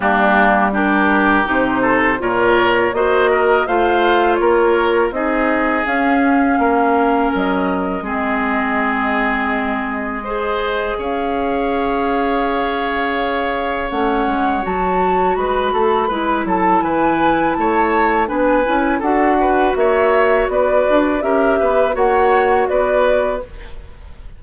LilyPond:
<<
  \new Staff \with { instrumentName = "flute" } { \time 4/4 \tempo 4 = 82 g'4 ais'4 c''4 cis''4 | dis''4 f''4 cis''4 dis''4 | f''2 dis''2~ | dis''2. f''4~ |
f''2. fis''4 | a''4 b''4. a''8 gis''4 | a''4 gis''4 fis''4 e''4 | d''4 e''4 fis''4 d''4 | }
  \new Staff \with { instrumentName = "oboe" } { \time 4/4 d'4 g'4. a'8 ais'4 | c''8 ais'8 c''4 ais'4 gis'4~ | gis'4 ais'2 gis'4~ | gis'2 c''4 cis''4~ |
cis''1~ | cis''4 b'8 a'8 b'8 a'8 b'4 | cis''4 b'4 a'8 b'8 cis''4 | b'4 ais'8 b'8 cis''4 b'4 | }
  \new Staff \with { instrumentName = "clarinet" } { \time 4/4 ais4 d'4 dis'4 f'4 | fis'4 f'2 dis'4 | cis'2. c'4~ | c'2 gis'2~ |
gis'2. cis'4 | fis'2 e'2~ | e'4 d'8 e'8 fis'2~ | fis'4 g'4 fis'2 | }
  \new Staff \with { instrumentName = "bassoon" } { \time 4/4 g2 c4 ais,4 | ais4 a4 ais4 c'4 | cis'4 ais4 fis4 gis4~ | gis2. cis'4~ |
cis'2. a8 gis8 | fis4 gis8 a8 gis8 fis8 e4 | a4 b8 cis'8 d'4 ais4 | b8 d'8 cis'8 b8 ais4 b4 | }
>>